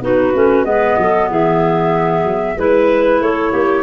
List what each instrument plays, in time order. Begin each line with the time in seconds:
0.00 tuba B3, clarinet D#4 F#4, flute B4
0.34 tuba A3, clarinet C#4
0.64 tuba G#3, clarinet B3 B4, flute D#5
0.98 tuba F#3, clarinet A4
1.30 tuba E3, clarinet G#4, flute E5
2.24 tuba F#3
2.56 tuba G#3, clarinet E4 B4, flute B4
3.20 tuba A3, clarinet A4, flute C#5
3.52 tuba A#3, clarinet G4